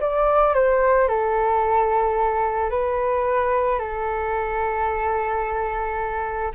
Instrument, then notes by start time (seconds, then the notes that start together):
flute
0.00 D5
0.54 C5
1.08 A4
2.70 B4
3.79 A4